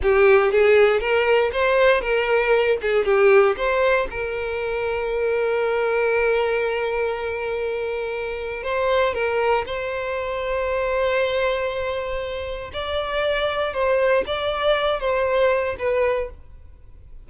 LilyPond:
\new Staff \with { instrumentName = "violin" } { \time 4/4 \tempo 4 = 118 g'4 gis'4 ais'4 c''4 | ais'4. gis'8 g'4 c''4 | ais'1~ | ais'1~ |
ais'4 c''4 ais'4 c''4~ | c''1~ | c''4 d''2 c''4 | d''4. c''4. b'4 | }